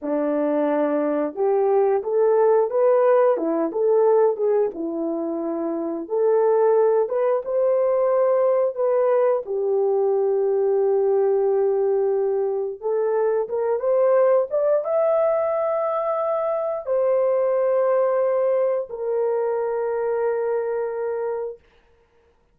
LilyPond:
\new Staff \with { instrumentName = "horn" } { \time 4/4 \tempo 4 = 89 d'2 g'4 a'4 | b'4 e'8 a'4 gis'8 e'4~ | e'4 a'4. b'8 c''4~ | c''4 b'4 g'2~ |
g'2. a'4 | ais'8 c''4 d''8 e''2~ | e''4 c''2. | ais'1 | }